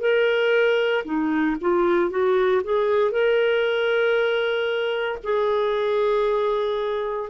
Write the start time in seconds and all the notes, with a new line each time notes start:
0.00 A#4
1.04 D#4
1.61 F4
2.10 F#4
2.63 G#4
3.11 A#4
5.23 G#4